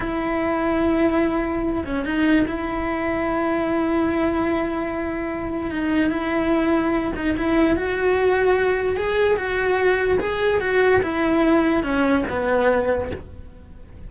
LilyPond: \new Staff \with { instrumentName = "cello" } { \time 4/4 \tempo 4 = 147 e'1~ | e'8 cis'8 dis'4 e'2~ | e'1~ | e'2 dis'4 e'4~ |
e'4. dis'8 e'4 fis'4~ | fis'2 gis'4 fis'4~ | fis'4 gis'4 fis'4 e'4~ | e'4 cis'4 b2 | }